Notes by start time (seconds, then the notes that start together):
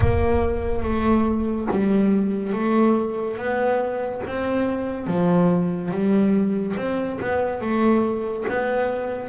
0.00 A#3
0.83 A3
1.71 G3
2.52 A3
3.37 B3
4.26 C4
5.06 F3
5.91 G3
6.76 C4
7.20 B3
7.61 A3
8.48 B3